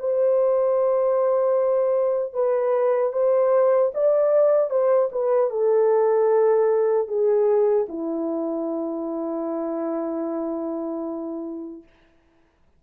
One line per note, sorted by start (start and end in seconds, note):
0.00 2.34 C5
2.34 3.13 B4
3.13 3.92 C5
3.95 4.70 D5
4.70 5.10 C5
5.12 5.50 B4
5.50 7.08 A4
7.08 7.87 G#4
7.89 11.83 E4